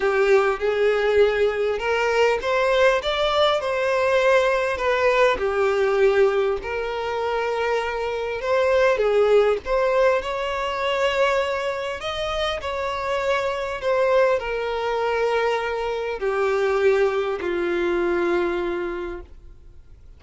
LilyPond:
\new Staff \with { instrumentName = "violin" } { \time 4/4 \tempo 4 = 100 g'4 gis'2 ais'4 | c''4 d''4 c''2 | b'4 g'2 ais'4~ | ais'2 c''4 gis'4 |
c''4 cis''2. | dis''4 cis''2 c''4 | ais'2. g'4~ | g'4 f'2. | }